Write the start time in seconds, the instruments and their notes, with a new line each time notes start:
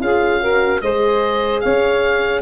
0.00 tuba C#4, horn F4, saxophone G#4, oboe F5
0.40 horn F#4, saxophone A#4
0.81 tuba G#3, horn G#4, saxophone C5, oboe D#5
1.61 tuba C#4, saxophone C#5, oboe F5